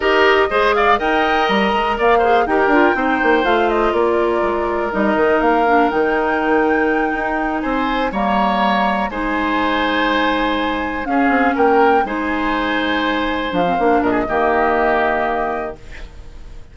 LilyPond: <<
  \new Staff \with { instrumentName = "flute" } { \time 4/4 \tempo 4 = 122 dis''4. f''8 g''4 ais''4 | f''4 g''2 f''8 dis''8 | d''2 dis''4 f''4 | g''2.~ g''8 gis''8~ |
gis''8 ais''2 gis''4.~ | gis''2~ gis''8 f''4 g''8~ | g''8 gis''2. f''8~ | f''8 dis''2.~ dis''8 | }
  \new Staff \with { instrumentName = "oboe" } { \time 4/4 ais'4 c''8 d''8 dis''2 | d''8 c''8 ais'4 c''2 | ais'1~ | ais'2.~ ais'8 c''8~ |
c''8 cis''2 c''4.~ | c''2~ c''8 gis'4 ais'8~ | ais'8 c''2.~ c''8~ | c''8 ais'16 gis'16 g'2. | }
  \new Staff \with { instrumentName = "clarinet" } { \time 4/4 g'4 gis'4 ais'2~ | ais'8 gis'8 g'8 f'8 dis'4 f'4~ | f'2 dis'4. d'8 | dis'1~ |
dis'8 ais2 dis'4.~ | dis'2~ dis'8 cis'4.~ | cis'8 dis'2. d'16 c'16 | d'4 ais2. | }
  \new Staff \with { instrumentName = "bassoon" } { \time 4/4 dis'4 gis4 dis'4 g8 gis8 | ais4 dis'8 d'8 c'8 ais8 a4 | ais4 gis4 g8 dis8 ais4 | dis2~ dis8 dis'4 c'8~ |
c'8 g2 gis4.~ | gis2~ gis8 cis'8 c'8 ais8~ | ais8 gis2. f8 | ais8 ais,8 dis2. | }
>>